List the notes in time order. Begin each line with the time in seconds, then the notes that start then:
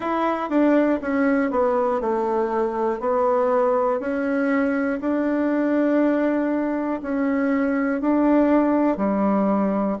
0.00 E4
0.49 D4
1.01 C#4
1.50 B3
2.00 A3
3.00 B3
4.00 C#4
5.00 D4
7.02 C#4
8.01 D4
8.97 G3